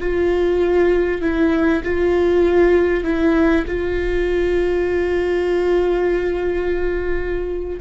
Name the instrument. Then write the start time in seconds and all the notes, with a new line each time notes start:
viola
0.00 F4
1.22 E4
1.84 F4
3.04 E4
3.67 F4